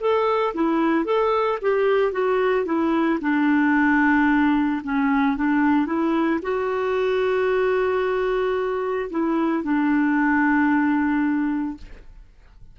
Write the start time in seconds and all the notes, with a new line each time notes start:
0.00 A4
0.54 E4
1.05 A4
1.62 G4
2.12 F#4
2.65 E4
3.21 D4
4.84 C#4
5.37 D4
5.86 E4
6.42 F#4
9.10 E4
9.63 D4